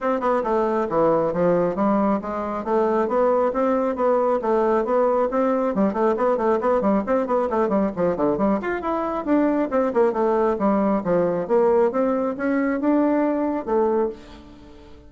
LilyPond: \new Staff \with { instrumentName = "bassoon" } { \time 4/4 \tempo 4 = 136 c'8 b8 a4 e4 f4 | g4 gis4 a4 b4 | c'4 b4 a4 b4 | c'4 g8 a8 b8 a8 b8 g8 |
c'8 b8 a8 g8 f8 d8 g8 f'8 | e'4 d'4 c'8 ais8 a4 | g4 f4 ais4 c'4 | cis'4 d'2 a4 | }